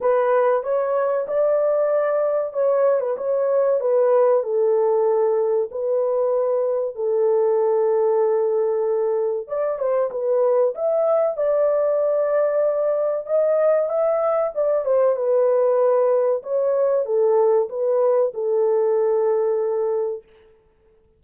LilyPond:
\new Staff \with { instrumentName = "horn" } { \time 4/4 \tempo 4 = 95 b'4 cis''4 d''2 | cis''8. b'16 cis''4 b'4 a'4~ | a'4 b'2 a'4~ | a'2. d''8 c''8 |
b'4 e''4 d''2~ | d''4 dis''4 e''4 d''8 c''8 | b'2 cis''4 a'4 | b'4 a'2. | }